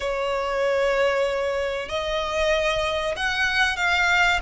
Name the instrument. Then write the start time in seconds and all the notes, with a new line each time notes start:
violin
0.00 C#5
1.88 D#5
3.16 F#5
3.76 F5